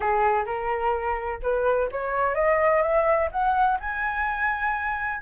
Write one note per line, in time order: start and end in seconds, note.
0.00 0.45 G#4
0.45 1.40 A#4
1.42 1.89 B4
1.91 2.35 C#5
2.35 2.82 D#5
2.82 3.29 E5
3.31 3.78 F#5
3.79 5.21 G#5